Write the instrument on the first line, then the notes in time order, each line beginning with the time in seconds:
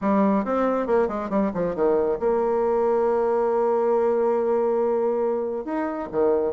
bassoon
0.01 G3
0.45 C4
0.87 A#3
1.08 G#3
1.29 G3
1.54 F3
1.75 D#3
2.19 A#3
5.65 D#4
6.11 D#3